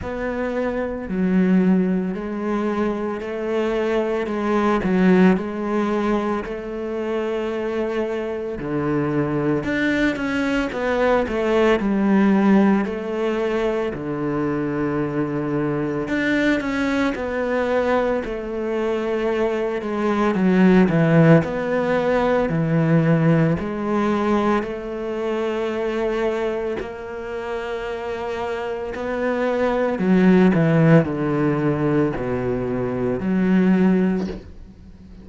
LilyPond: \new Staff \with { instrumentName = "cello" } { \time 4/4 \tempo 4 = 56 b4 fis4 gis4 a4 | gis8 fis8 gis4 a2 | d4 d'8 cis'8 b8 a8 g4 | a4 d2 d'8 cis'8 |
b4 a4. gis8 fis8 e8 | b4 e4 gis4 a4~ | a4 ais2 b4 | fis8 e8 d4 b,4 fis4 | }